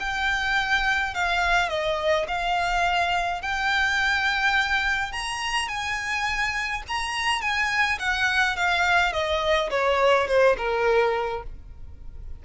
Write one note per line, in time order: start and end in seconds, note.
0.00 1.14 G5
1.14 1.69 F5
1.69 2.26 D#5
2.28 3.42 F5
3.42 5.12 G5
5.12 5.69 A#5
5.69 6.83 G#5
6.88 7.42 A#5
7.42 7.99 G#5
7.99 8.56 F#5
8.56 9.13 F5
9.13 9.70 D#5
9.70 10.27 C#5
10.28 10.56 C5
10.57 11.43 A#4